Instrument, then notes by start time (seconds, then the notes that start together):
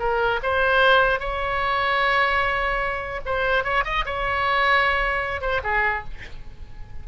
oboe
0.00 A#4
0.44 C5
1.20 C#5
3.26 C5
3.65 C#5
3.85 D#5
4.06 C#5
5.42 C5
5.64 G#4